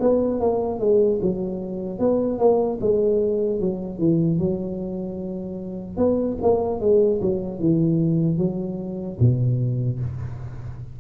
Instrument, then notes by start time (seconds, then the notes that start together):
tuba
0.00 B3
0.40 A#3
0.79 G#3
1.21 F#3
1.99 B3
2.39 A#3
2.80 G#3
3.60 F#3
3.99 E3
4.39 F#3
5.97 B3
6.41 A#3
6.80 G#3
7.21 F#3
7.59 E3
8.38 F#3
9.20 B2